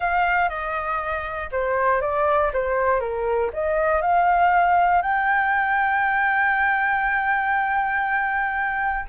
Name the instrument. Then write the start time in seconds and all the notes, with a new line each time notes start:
flute
0.00 F5
0.49 D#5
1.51 C5
2.01 D5
2.53 C5
3.00 A#4
3.53 D#5
4.01 F5
5.02 G5